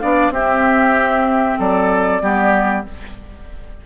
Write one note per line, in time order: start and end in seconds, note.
0.00 0.30 B3
0.00 0.32 D4
0.00 0.33 D5
0.00 0.32 F5
0.30 1.56 C4
0.30 2.21 C4
0.30 1.59 G4
0.30 1.59 E5
1.58 2.21 F#3
1.58 2.22 A4
1.58 2.85 D5
2.21 2.85 G3
2.21 2.84 B3
2.21 2.85 G4